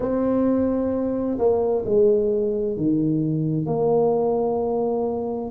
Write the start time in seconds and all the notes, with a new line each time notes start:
0.00 C4
1.38 A#3
1.85 G#3
2.77 D#3
3.66 A#3